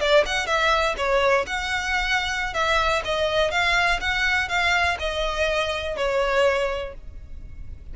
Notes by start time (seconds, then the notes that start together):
0.00 D5
0.26 F#5
0.46 E5
0.97 C#5
1.46 F#5
2.53 E5
3.05 D#5
3.51 F5
4.00 F#5
4.48 F5
4.99 D#5
5.97 C#5